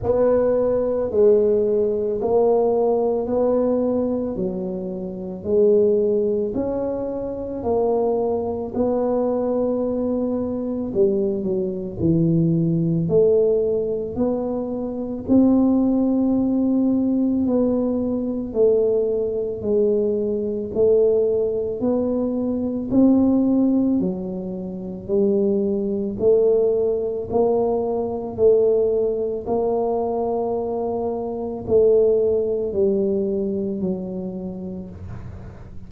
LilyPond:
\new Staff \with { instrumentName = "tuba" } { \time 4/4 \tempo 4 = 55 b4 gis4 ais4 b4 | fis4 gis4 cis'4 ais4 | b2 g8 fis8 e4 | a4 b4 c'2 |
b4 a4 gis4 a4 | b4 c'4 fis4 g4 | a4 ais4 a4 ais4~ | ais4 a4 g4 fis4 | }